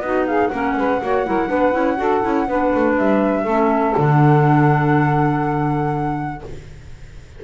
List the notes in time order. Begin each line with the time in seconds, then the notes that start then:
0.00 B3 D#4 F#4 D#5
0.27 G#4 F5
0.47 A#3 C#4 A#4 F#5
0.77 G#3 B4
1.01 A#3 F#4 C#5
1.25 F#3 E4 A#4
1.48 B3 D4 B4
1.72 C#4 E4
1.97 D4 F#4 A4
2.21 C#4 E4
2.48 B3 D4 B4
2.74 A3
2.97 G3 E5
3.43 A3 C#4 A4
3.95 D3 D4 F#5